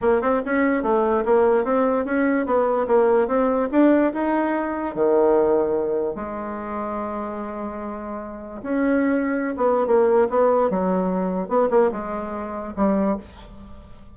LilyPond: \new Staff \with { instrumentName = "bassoon" } { \time 4/4 \tempo 4 = 146 ais8 c'8 cis'4 a4 ais4 | c'4 cis'4 b4 ais4 | c'4 d'4 dis'2 | dis2. gis4~ |
gis1~ | gis4 cis'2~ cis'16 b8. | ais4 b4 fis2 | b8 ais8 gis2 g4 | }